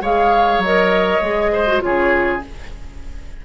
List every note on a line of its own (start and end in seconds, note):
0.00 0.58 G#3
0.00 0.63 G#4
0.00 1.52 C#5
0.00 0.63 F5
0.58 1.18 F#3
0.58 1.81 D#5
0.64 1.22 A#4
1.21 1.81 G#3
1.21 1.66 G#4
1.52 1.82 C5
1.66 1.80 F#4
1.80 2.44 C#3
1.80 2.40 F4
1.80 2.45 G#4
1.80 2.42 C#5